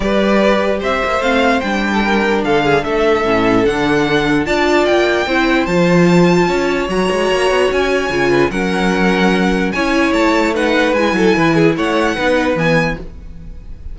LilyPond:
<<
  \new Staff \with { instrumentName = "violin" } { \time 4/4 \tempo 4 = 148 d''2 e''4 f''4 | g''2 f''4 e''4~ | e''4 fis''2 a''4 | g''2 a''2~ |
a''4 ais''2 gis''4~ | gis''4 fis''2. | gis''4 a''4 fis''4 gis''4~ | gis''4 fis''2 gis''4 | }
  \new Staff \with { instrumentName = "violin" } { \time 4/4 b'2 c''2~ | c''8. a'16 ais'4 a'8 gis'8 a'4~ | a'2. d''4~ | d''4 c''2. |
cis''1~ | cis''8 b'8 ais'2. | cis''2 b'4. a'8 | b'8 gis'8 cis''4 b'2 | }
  \new Staff \with { instrumentName = "viola" } { \time 4/4 g'2. c'4 | d'1 | cis'4 d'2 f'4~ | f'4 e'4 f'2~ |
f'4 fis'2. | f'4 cis'2. | e'2 dis'4 e'4~ | e'2 dis'4 b4 | }
  \new Staff \with { instrumentName = "cello" } { \time 4/4 g2 c'8 ais8 a4 | g2 d4 a4 | a,4 d2 d'4 | ais4 c'4 f2 |
cis'4 fis8 gis8 ais8 b8 cis'4 | cis4 fis2. | cis'4 a2 gis8 fis8 | e4 a4 b4 e4 | }
>>